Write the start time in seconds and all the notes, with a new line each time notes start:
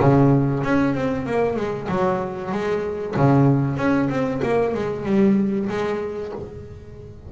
0.00 C#3
0.64 C#4
0.95 C4
1.27 A#3
1.57 G#3
1.89 F#3
2.52 G#3
3.17 C#3
3.77 C#4
4.10 C4
4.43 A#3
4.74 G#3
5.06 G3
5.69 G#3